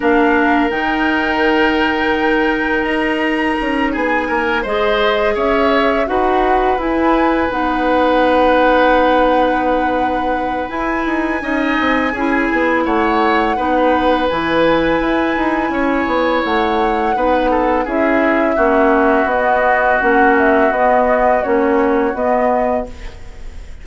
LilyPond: <<
  \new Staff \with { instrumentName = "flute" } { \time 4/4 \tempo 4 = 84 f''4 g''2. | ais''4. gis''4 dis''4 e''8~ | e''8 fis''4 gis''4 fis''4.~ | fis''2. gis''4~ |
gis''2 fis''2 | gis''2. fis''4~ | fis''4 e''2 dis''4 | fis''8 e''8 dis''4 cis''4 dis''4 | }
  \new Staff \with { instrumentName = "oboe" } { \time 4/4 ais'1~ | ais'4. gis'8 ais'8 c''4 cis''8~ | cis''8 b'2.~ b'8~ | b'1 |
dis''4 gis'4 cis''4 b'4~ | b'2 cis''2 | b'8 a'8 gis'4 fis'2~ | fis'1 | }
  \new Staff \with { instrumentName = "clarinet" } { \time 4/4 d'4 dis'2.~ | dis'2~ dis'8 gis'4.~ | gis'8 fis'4 e'4 dis'4.~ | dis'2. e'4 |
dis'4 e'2 dis'4 | e'1 | dis'4 e'4 cis'4 b4 | cis'4 b4 cis'4 b4 | }
  \new Staff \with { instrumentName = "bassoon" } { \time 4/4 ais4 dis2. | dis'4 cis'8 b8 ais8 gis4 cis'8~ | cis'8 dis'4 e'4 b4.~ | b2. e'8 dis'8 |
cis'8 c'8 cis'8 b8 a4 b4 | e4 e'8 dis'8 cis'8 b8 a4 | b4 cis'4 ais4 b4 | ais4 b4 ais4 b4 | }
>>